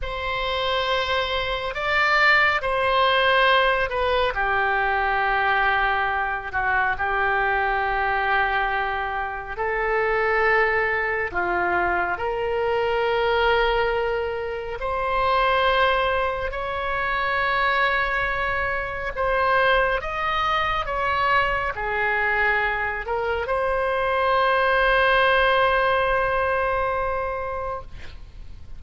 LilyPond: \new Staff \with { instrumentName = "oboe" } { \time 4/4 \tempo 4 = 69 c''2 d''4 c''4~ | c''8 b'8 g'2~ g'8 fis'8 | g'2. a'4~ | a'4 f'4 ais'2~ |
ais'4 c''2 cis''4~ | cis''2 c''4 dis''4 | cis''4 gis'4. ais'8 c''4~ | c''1 | }